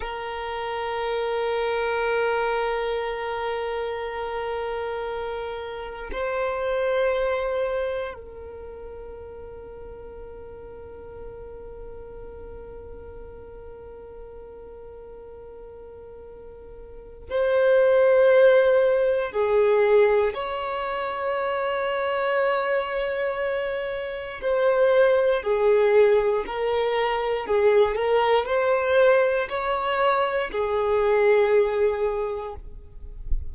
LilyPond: \new Staff \with { instrumentName = "violin" } { \time 4/4 \tempo 4 = 59 ais'1~ | ais'2 c''2 | ais'1~ | ais'1~ |
ais'4 c''2 gis'4 | cis''1 | c''4 gis'4 ais'4 gis'8 ais'8 | c''4 cis''4 gis'2 | }